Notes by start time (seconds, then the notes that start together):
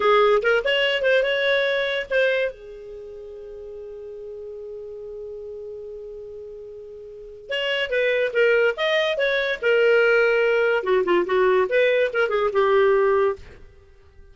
0.00 G#4
0.42 A#4
0.64 C#5
1.02 C5
1.23 C#5
2.10 C5
2.51 G#4
7.49 C#5
7.90 B4
8.33 A#4
8.76 D#5
9.17 C#5
9.62 A#4
10.83 F#4
11.04 F4
11.26 F#4
11.69 B4
12.13 A#4
12.29 G#4
12.52 G4